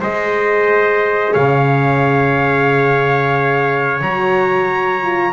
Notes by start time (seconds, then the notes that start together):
0.00 G#3 G#4 C5 D#5
1.32 C#3 C#5 F5
4.01 F#3 F#4 A#5
5.02 F4